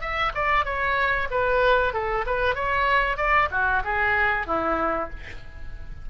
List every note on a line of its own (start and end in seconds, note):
0.00 0.32 E5
0.34 0.65 D5
0.65 1.28 C#5
1.30 1.93 B4
1.93 2.25 A4
2.26 2.55 B4
2.55 3.17 C#5
3.17 3.49 D5
3.51 3.82 F#4
3.84 4.46 G#4
4.46 5.09 E4